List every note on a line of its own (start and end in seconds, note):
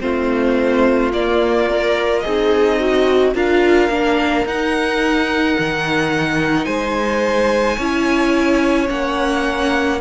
0.00 1.13 A3
0.00 1.11 C4
0.00 2.24 F4
0.00 1.11 C5
1.13 2.24 A#3
1.13 1.69 A#3
1.13 2.20 D5
1.69 2.23 A#4
2.20 3.34 C4
2.20 3.34 D#4
2.20 2.78 G#4
2.20 3.31 D#5
2.79 3.34 F#4
3.34 3.89 D4
3.34 3.90 F4
3.34 6.66 A#4
3.34 4.47 F5
3.89 4.44 A#3
3.89 4.45 D4
4.45 5.56 D#4
4.45 7.80 D#4
4.45 6.65 F#5
5.58 6.66 D#3
6.65 7.77 G#3
6.65 7.77 C5
6.65 8.87 G#5
7.77 8.89 C#4
7.77 8.88 E4
7.77 9.99 C#5
8.88 10.00 A#3
8.88 9.99 C#4
8.88 10.00 F#5